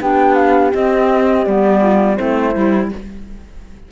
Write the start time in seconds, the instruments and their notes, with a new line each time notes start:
0.00 cello B3, clarinet D4, horn G4, flute G5
0.34 flute F5
0.71 clarinet C4, cello C4, flute D#5
1.44 cello G3, clarinet B3, flute D5
1.81 horn F4
2.16 cello A3, clarinet C4, horn E4, flute C5
2.55 cello G3, clarinet E4